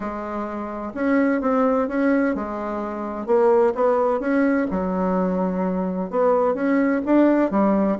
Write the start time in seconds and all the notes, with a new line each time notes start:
0.00 G#3
0.94 C#4
1.41 C4
1.88 C#4
2.35 G#3
3.26 A#3
3.74 B3
4.20 C#4
4.70 F#3
6.10 B3
6.54 C#4
7.05 D4
7.50 G3